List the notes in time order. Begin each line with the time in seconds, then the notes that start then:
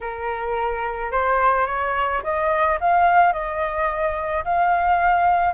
0.00 A#4
1.11 C5
1.66 C#5
2.23 D#5
2.80 F5
3.32 D#5
4.44 F5